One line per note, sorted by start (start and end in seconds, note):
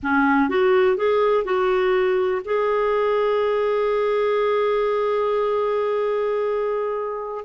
0.02 0.49 C#4
0.49 0.96 F#4
0.96 1.44 G#4
1.44 2.41 F#4
2.44 7.44 G#4